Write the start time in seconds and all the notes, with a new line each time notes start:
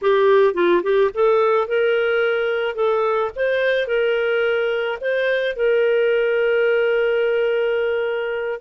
0.01 G4
0.54 F4
0.83 G4
1.14 A4
1.67 A#4
2.75 A4
3.35 C5
3.87 A#4
5.00 C5
5.56 A#4